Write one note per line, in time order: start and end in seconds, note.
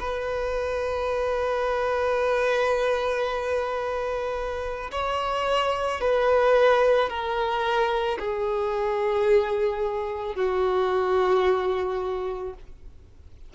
0.00 4.91 B4
4.91 6.00 C#5
6.01 7.10 B4
7.10 8.19 A#4
8.19 10.36 G#4
10.36 12.54 F#4